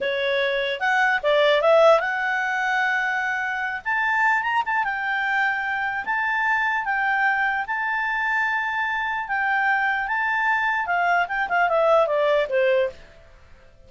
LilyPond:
\new Staff \with { instrumentName = "clarinet" } { \time 4/4 \tempo 4 = 149 cis''2 fis''4 d''4 | e''4 fis''2.~ | fis''4. a''4. ais''8 a''8 | g''2. a''4~ |
a''4 g''2 a''4~ | a''2. g''4~ | g''4 a''2 f''4 | g''8 f''8 e''4 d''4 c''4 | }